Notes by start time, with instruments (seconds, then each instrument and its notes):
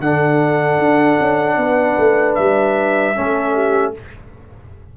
0.00 tuba D3, trombone D4, horn A4, trumpet F#5
0.79 tuba D4
1.20 tuba C#4
1.57 tuba B3, horn B4
1.98 tuba A3
2.35 tuba G3, trumpet E5
3.15 tuba A3, trombone C#4, horn A4
3.54 horn G4